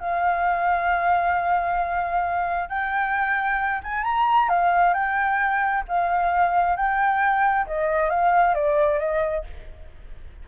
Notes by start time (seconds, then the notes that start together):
0.00 F5
2.69 G5
3.84 G#5
4.04 A#5
4.49 F5
4.94 G5
5.89 F5
6.76 G5
7.67 D#5
8.10 F5
8.55 D5
9.00 D#5